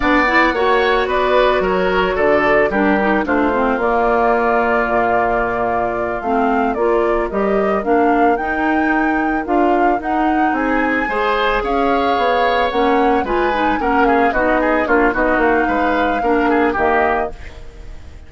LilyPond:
<<
  \new Staff \with { instrumentName = "flute" } { \time 4/4 \tempo 4 = 111 fis''2 d''4 cis''4 | d''4 ais'4 c''4 d''4~ | d''2.~ d''8 f''8~ | f''8 d''4 dis''4 f''4 g''8~ |
g''4. f''4 fis''4 gis''8~ | gis''4. f''2 fis''8~ | fis''8 gis''4 fis''8 f''8 dis''4 cis''8 | dis''8 f''2~ f''8 dis''4 | }
  \new Staff \with { instrumentName = "oboe" } { \time 4/4 d''4 cis''4 b'4 ais'4 | a'4 g'4 f'2~ | f'1~ | f'8 ais'2.~ ais'8~ |
ais'2.~ ais'8 gis'8~ | gis'8 c''4 cis''2~ cis''8~ | cis''8 b'4 ais'8 gis'8 fis'8 gis'8 f'8 | fis'4 b'4 ais'8 gis'8 g'4 | }
  \new Staff \with { instrumentName = "clarinet" } { \time 4/4 d'8 e'8 fis'2.~ | fis'4 d'8 dis'8 d'8 c'8 ais4~ | ais2.~ ais8 c'8~ | c'8 f'4 g'4 d'4 dis'8~ |
dis'4. f'4 dis'4.~ | dis'8 gis'2. cis'8~ | cis'8 f'8 dis'8 cis'4 dis'4 d'8 | dis'2 d'4 ais4 | }
  \new Staff \with { instrumentName = "bassoon" } { \time 4/4 b4 ais4 b4 fis4 | d4 g4 a4 ais4~ | ais4 ais,2~ ais,8 a8~ | a8 ais4 g4 ais4 dis'8~ |
dis'4. d'4 dis'4 c'8~ | c'8 gis4 cis'4 b4 ais8~ | ais8 gis4 ais4 b4 ais8 | b8 ais8 gis4 ais4 dis4 | }
>>